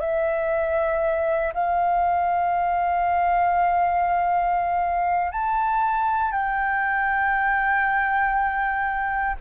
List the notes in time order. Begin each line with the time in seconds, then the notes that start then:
0.00 E5
1.53 F5
5.32 A5
6.31 G5